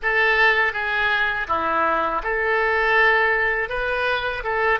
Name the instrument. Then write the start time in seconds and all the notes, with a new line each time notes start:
oboe
0.02 A4
0.72 G#4
1.47 E4
2.23 A4
3.69 B4
4.43 A4